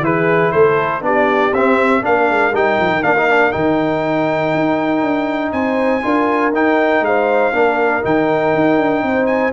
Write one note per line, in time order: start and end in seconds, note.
0.00 0.50 E3
0.00 1.02 E4
0.00 0.53 G#4
0.00 0.52 B4
0.52 1.02 A3
0.52 1.03 A4
0.52 1.02 C5
1.02 1.52 B3
1.02 1.52 D4
1.02 2.03 G4
1.02 1.54 D5
1.52 2.02 C4
1.52 2.04 E5
2.02 2.30 A#3
2.02 2.52 D4
2.02 5.53 A#4
2.02 2.55 F5
2.30 2.53 G#3
2.53 2.78 G3
2.53 3.04 D#4
2.53 3.03 G5
2.80 2.90 F3
2.90 3.03 D#3
3.03 3.53 A#3
3.03 3.16 D4
3.03 3.52 F5
3.18 3.30 D#4
3.30 3.52 D4
3.52 4.54 D#3
3.52 6.02 D#4
3.52 5.52 G5
4.54 5.02 D#4
5.02 5.52 D4
5.52 6.03 C4
5.52 6.03 C5
5.52 6.52 G#5
6.02 6.53 D4
6.02 6.52 F4
6.02 7.05 A#4
6.53 7.01 D#4
6.53 7.53 D#4
6.53 7.05 G5
7.01 7.51 G#3
7.01 7.53 C5
7.01 8.05 F5
7.53 8.03 A#3
7.53 8.03 D4
7.53 9.03 A#4
8.03 8.55 D#3
8.03 9.53 D#4
8.03 9.26 G5
8.55 8.78 D#4
8.78 9.03 D4
9.03 9.53 C4
9.03 9.53 C5
9.26 9.51 G#5